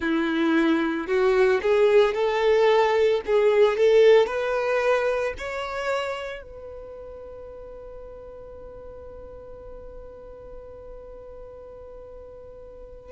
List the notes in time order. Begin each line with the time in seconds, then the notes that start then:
0.00 E4
1.07 F#4
1.62 G#4
2.14 A4
3.26 G#4
3.77 A4
4.26 B4
5.38 C#5
6.42 B4